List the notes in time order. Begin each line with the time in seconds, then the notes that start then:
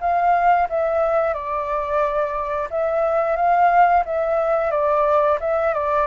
0.00 F5
0.69 E5
1.34 D5
2.70 E5
3.36 F5
4.05 E5
4.71 D5
5.40 E5
5.74 D5